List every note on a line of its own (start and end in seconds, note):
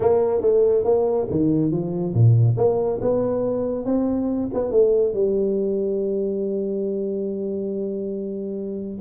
0.00 0.41 A#3
0.41 0.84 A3
0.84 1.27 A#3
1.30 1.71 D#3
1.71 2.13 F3
2.13 2.56 A#2
2.57 3.00 A#3
3.01 3.85 B3
3.85 4.49 C4
4.53 4.71 B3
4.71 5.13 A3
5.13 8.99 G3